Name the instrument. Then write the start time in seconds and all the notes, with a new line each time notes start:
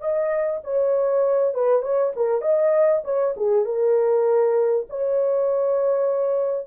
horn
0.00 D#5
0.64 C#5
1.54 B4
1.82 C#5
2.15 A#4
2.41 D#5
3.04 C#5
3.36 G#4
3.65 A#4
4.90 C#5